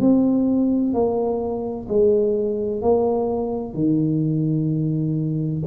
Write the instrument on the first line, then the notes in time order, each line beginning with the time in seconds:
tuba
0.00 C4
0.93 A#3
1.88 G#3
2.82 A#3
3.74 D#3